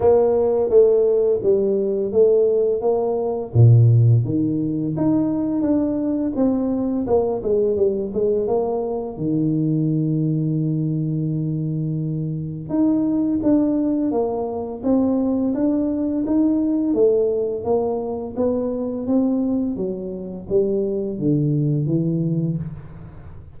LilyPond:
\new Staff \with { instrumentName = "tuba" } { \time 4/4 \tempo 4 = 85 ais4 a4 g4 a4 | ais4 ais,4 dis4 dis'4 | d'4 c'4 ais8 gis8 g8 gis8 | ais4 dis2.~ |
dis2 dis'4 d'4 | ais4 c'4 d'4 dis'4 | a4 ais4 b4 c'4 | fis4 g4 d4 e4 | }